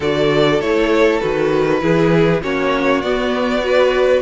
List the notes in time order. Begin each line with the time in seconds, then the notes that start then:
0.00 D3 F#4 A4 D5
0.60 A3 E4 C#5
1.20 D#3 F#4 B4
1.80 E3 E4 G#4
2.42 A#3 C#4 F#4 C#5
3.01 B3 D5
3.61 F#4 B4